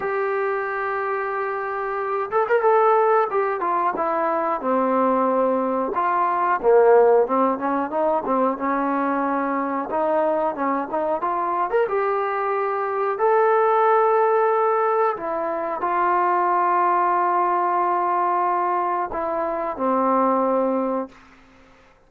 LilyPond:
\new Staff \with { instrumentName = "trombone" } { \time 4/4 \tempo 4 = 91 g'2.~ g'8 a'16 ais'16 | a'4 g'8 f'8 e'4 c'4~ | c'4 f'4 ais4 c'8 cis'8 | dis'8 c'8 cis'2 dis'4 |
cis'8 dis'8 f'8. ais'16 g'2 | a'2. e'4 | f'1~ | f'4 e'4 c'2 | }